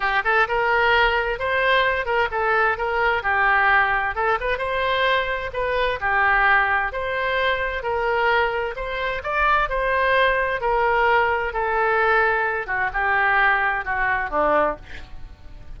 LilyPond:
\new Staff \with { instrumentName = "oboe" } { \time 4/4 \tempo 4 = 130 g'8 a'8 ais'2 c''4~ | c''8 ais'8 a'4 ais'4 g'4~ | g'4 a'8 b'8 c''2 | b'4 g'2 c''4~ |
c''4 ais'2 c''4 | d''4 c''2 ais'4~ | ais'4 a'2~ a'8 fis'8 | g'2 fis'4 d'4 | }